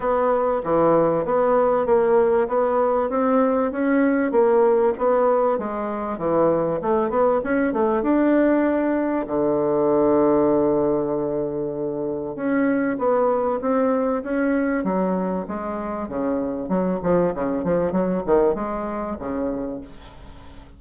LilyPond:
\new Staff \with { instrumentName = "bassoon" } { \time 4/4 \tempo 4 = 97 b4 e4 b4 ais4 | b4 c'4 cis'4 ais4 | b4 gis4 e4 a8 b8 | cis'8 a8 d'2 d4~ |
d1 | cis'4 b4 c'4 cis'4 | fis4 gis4 cis4 fis8 f8 | cis8 f8 fis8 dis8 gis4 cis4 | }